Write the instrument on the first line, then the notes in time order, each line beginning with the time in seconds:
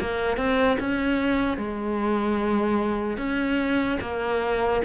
cello
0.00 A#3
0.37 C4
0.79 C#4
1.57 G#3
3.17 C#4
4.00 A#3